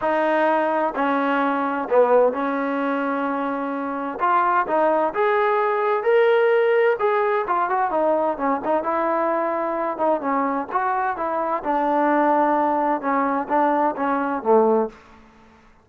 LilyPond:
\new Staff \with { instrumentName = "trombone" } { \time 4/4 \tempo 4 = 129 dis'2 cis'2 | b4 cis'2.~ | cis'4 f'4 dis'4 gis'4~ | gis'4 ais'2 gis'4 |
f'8 fis'8 dis'4 cis'8 dis'8 e'4~ | e'4. dis'8 cis'4 fis'4 | e'4 d'2. | cis'4 d'4 cis'4 a4 | }